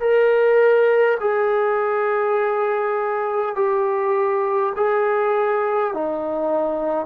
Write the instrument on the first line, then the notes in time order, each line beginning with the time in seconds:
trombone
0.00 A#4
1.20 G#4
3.55 G4
4.76 G#4
5.94 D#4